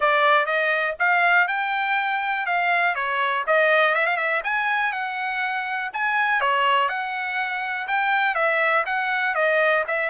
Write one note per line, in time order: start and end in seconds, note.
0.00 0.46 D5
0.46 0.95 D#5
0.99 1.47 F5
1.47 2.45 G5
2.45 2.95 F5
2.95 3.44 C#5
3.46 3.95 D#5
3.95 4.06 E5
4.06 4.16 F5
4.16 4.41 E5
4.44 4.92 G#5
4.92 5.90 F#5
5.93 6.40 G#5
6.40 6.89 C#5
6.89 7.87 F#5
7.87 8.34 G5
8.34 8.83 E5
8.85 9.34 F#5
9.34 9.84 D#5
9.87 10.09 E5